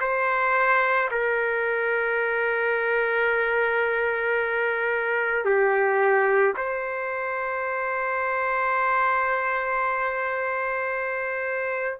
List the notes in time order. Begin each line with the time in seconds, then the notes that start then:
0.00 C5
1.11 A#4
5.45 G4
6.57 C5